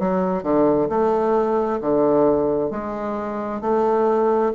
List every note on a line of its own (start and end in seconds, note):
0.00 0.43 F#3
0.43 0.89 D3
0.89 1.80 A3
1.81 2.71 D3
2.71 3.62 G#3
3.62 4.52 A3